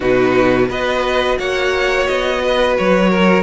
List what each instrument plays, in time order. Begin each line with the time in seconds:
0.00 cello B2, viola D#4, violin F#4 B4
0.66 cello B3, viola F#4, violin B4 D#5
1.39 cello A#3, violin C#5 F#5
2.07 cello B3, violin D#5
2.43 violin B4
2.77 cello F#3, violin C#5
3.09 violin A#4